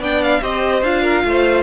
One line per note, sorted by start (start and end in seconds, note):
0.00 0.41 B3
0.00 0.42 D4
0.00 0.41 D5
0.00 0.23 G5
0.23 0.43 F5
0.42 0.83 C4
0.42 0.83 G4
0.42 1.03 C5
0.42 0.84 D#5
0.83 1.24 D4
0.83 1.63 F4
0.83 1.63 F5
1.03 1.24 A#4
1.25 1.63 A3
1.25 1.63 C5